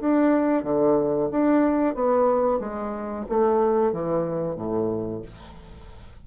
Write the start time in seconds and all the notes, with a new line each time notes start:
0.00 D4
0.63 D3
1.31 D4
1.95 B3
2.60 G#3
3.29 A3
3.92 E3
4.56 A2